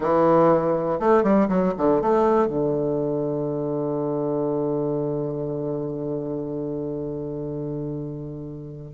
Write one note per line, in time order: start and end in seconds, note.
0.00 0.99 E3
0.99 1.23 A3
1.23 1.48 G3
1.48 1.73 F#3
1.77 2.01 D3
2.01 2.47 A3
2.47 8.92 D3